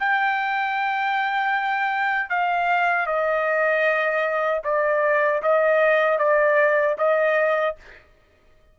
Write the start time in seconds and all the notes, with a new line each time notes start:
0.00 G5
2.30 F5
3.07 D#5
4.64 D5
5.43 D#5
6.19 D5
6.98 D#5